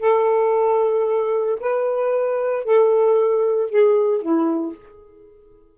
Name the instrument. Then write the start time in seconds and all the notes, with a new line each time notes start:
saxophone
0.00 A4
1.61 B4
2.65 A4
3.70 G#4
4.22 E4